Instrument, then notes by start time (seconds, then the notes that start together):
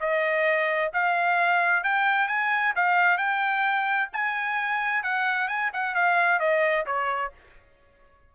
trumpet
0.00 D#5
0.93 F5
1.84 G5
2.28 G#5
2.75 F5
3.17 G5
4.13 G#5
5.03 F#5
5.48 G#5
5.73 F#5
5.95 F5
6.40 D#5
6.86 C#5